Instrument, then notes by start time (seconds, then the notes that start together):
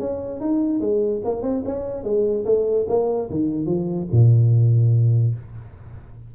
tuba
0.00 C#4
0.41 D#4
0.81 G#3
1.25 A#3
1.43 C4
1.66 C#4
2.04 G#3
2.46 A3
2.89 A#3
3.30 D#3
3.66 F3
4.12 A#2